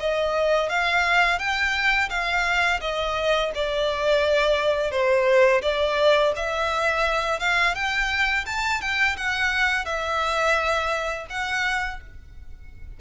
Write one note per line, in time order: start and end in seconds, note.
0.00 0.69 D#5
0.69 1.39 F5
1.39 2.10 G5
2.10 2.80 F5
2.81 3.52 D#5
3.55 4.91 D5
4.91 5.62 C5
5.62 6.33 D5
6.36 7.40 E5
7.40 7.75 F5
7.75 8.45 G5
8.46 8.81 A5
8.81 9.17 G5
9.17 9.85 F#5
9.85 11.27 E5
11.30 12.00 F#5